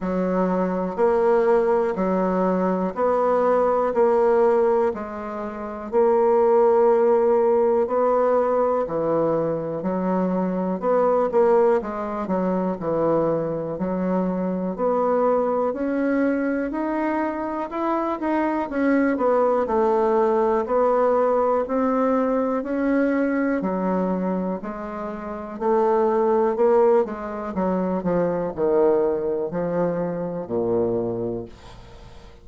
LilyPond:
\new Staff \with { instrumentName = "bassoon" } { \time 4/4 \tempo 4 = 61 fis4 ais4 fis4 b4 | ais4 gis4 ais2 | b4 e4 fis4 b8 ais8 | gis8 fis8 e4 fis4 b4 |
cis'4 dis'4 e'8 dis'8 cis'8 b8 | a4 b4 c'4 cis'4 | fis4 gis4 a4 ais8 gis8 | fis8 f8 dis4 f4 ais,4 | }